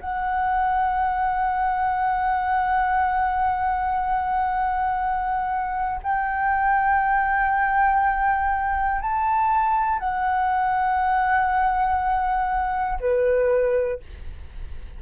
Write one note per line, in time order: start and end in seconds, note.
0.00 6.00 F#5
6.02 9.00 G5
9.00 9.99 A5
9.99 12.99 F#5
13.00 14.00 B4